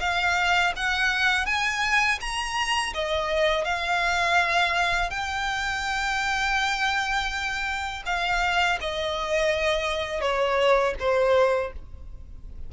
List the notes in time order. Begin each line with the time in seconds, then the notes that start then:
0.00 F5
0.76 F#5
1.46 G#5
2.20 A#5
2.94 D#5
3.65 F5
5.10 G5
8.06 F5
8.80 D#5
10.21 C#5
10.99 C5